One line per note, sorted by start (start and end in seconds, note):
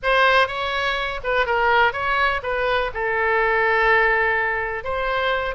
0.02 0.47 C5
0.47 1.20 C#5
1.23 1.46 B4
1.46 1.92 A#4
1.92 2.41 C#5
2.42 2.91 B4
2.93 4.84 A4
4.84 5.55 C5